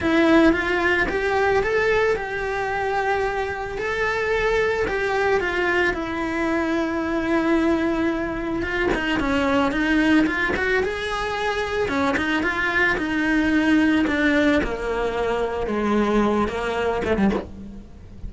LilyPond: \new Staff \with { instrumentName = "cello" } { \time 4/4 \tempo 4 = 111 e'4 f'4 g'4 a'4 | g'2. a'4~ | a'4 g'4 f'4 e'4~ | e'1 |
f'8 dis'8 cis'4 dis'4 f'8 fis'8 | gis'2 cis'8 dis'8 f'4 | dis'2 d'4 ais4~ | ais4 gis4. ais4 a16 g16 | }